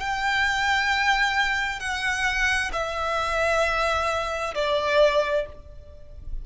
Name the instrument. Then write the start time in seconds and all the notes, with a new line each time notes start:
violin
0.00 G5
1.80 F#5
2.73 E5
4.55 D5